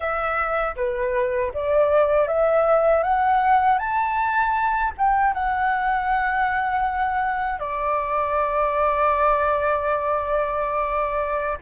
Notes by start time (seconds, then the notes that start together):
0.00 E5
0.76 B4
1.53 D5
2.27 E5
3.03 F#5
3.78 A5
4.97 G5
5.33 F#5
7.59 D5